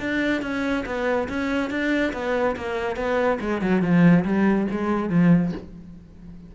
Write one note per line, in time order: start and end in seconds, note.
0.00 0.42 D4
0.42 0.84 C#4
0.86 1.28 B3
1.29 1.70 C#4
1.70 2.13 D4
2.13 2.56 B3
2.56 2.96 A#3
2.96 3.39 B3
3.40 3.61 G#3
3.61 3.82 F#3
3.82 4.24 F3
4.25 4.67 G3
4.71 5.10 G#3
5.10 5.52 F3